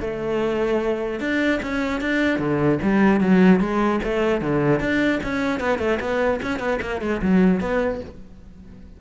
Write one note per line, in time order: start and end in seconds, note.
0.00 1.20 A3
1.20 1.60 D4
1.62 2.01 C#4
2.01 2.39 D4
2.39 2.79 D3
2.82 3.20 G3
3.20 3.60 F#3
3.60 4.00 G#3
4.03 4.41 A3
4.41 4.80 D3
4.80 5.20 D4
5.23 5.60 C#4
5.60 5.79 B3
5.79 5.99 A3
6.00 6.40 B3
6.42 6.59 C#4
6.59 6.79 B3
6.81 7.01 A#3
7.01 7.21 G#3
7.22 7.60 F#3
7.60 8.00 B3